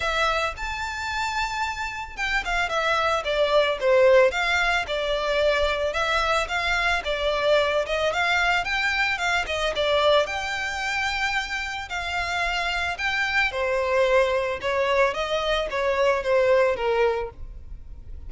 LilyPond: \new Staff \with { instrumentName = "violin" } { \time 4/4 \tempo 4 = 111 e''4 a''2. | g''8 f''8 e''4 d''4 c''4 | f''4 d''2 e''4 | f''4 d''4. dis''8 f''4 |
g''4 f''8 dis''8 d''4 g''4~ | g''2 f''2 | g''4 c''2 cis''4 | dis''4 cis''4 c''4 ais'4 | }